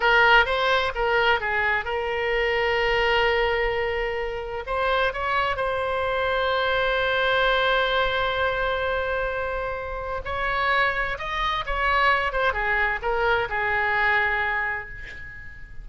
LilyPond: \new Staff \with { instrumentName = "oboe" } { \time 4/4 \tempo 4 = 129 ais'4 c''4 ais'4 gis'4 | ais'1~ | ais'2 c''4 cis''4 | c''1~ |
c''1~ | c''2 cis''2 | dis''4 cis''4. c''8 gis'4 | ais'4 gis'2. | }